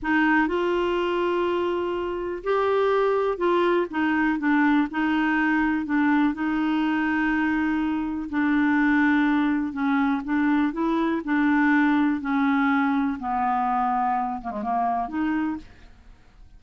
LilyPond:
\new Staff \with { instrumentName = "clarinet" } { \time 4/4 \tempo 4 = 123 dis'4 f'2.~ | f'4 g'2 f'4 | dis'4 d'4 dis'2 | d'4 dis'2.~ |
dis'4 d'2. | cis'4 d'4 e'4 d'4~ | d'4 cis'2 b4~ | b4. ais16 gis16 ais4 dis'4 | }